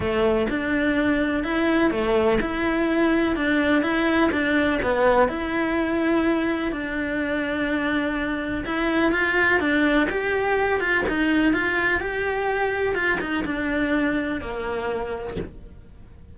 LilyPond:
\new Staff \with { instrumentName = "cello" } { \time 4/4 \tempo 4 = 125 a4 d'2 e'4 | a4 e'2 d'4 | e'4 d'4 b4 e'4~ | e'2 d'2~ |
d'2 e'4 f'4 | d'4 g'4. f'8 dis'4 | f'4 g'2 f'8 dis'8 | d'2 ais2 | }